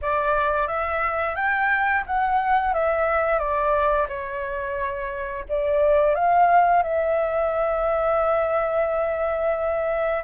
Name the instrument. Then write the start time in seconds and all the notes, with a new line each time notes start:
flute
0.01 D5
0.67 E5
1.35 G5
2.06 F#5
2.73 E5
3.38 D5
4.08 C#5
5.49 D5
6.14 F5
6.82 E5